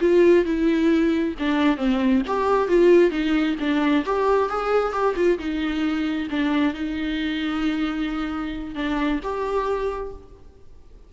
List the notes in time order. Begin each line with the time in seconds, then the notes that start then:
0.00 F4
0.45 E4
1.39 D4
1.77 C4
2.27 G4
2.68 F4
3.10 D#4
3.60 D4
4.05 G4
4.48 G#4
4.92 G4
5.16 F4
5.38 D#4
6.30 D4
6.73 D#4
8.75 D4
9.23 G4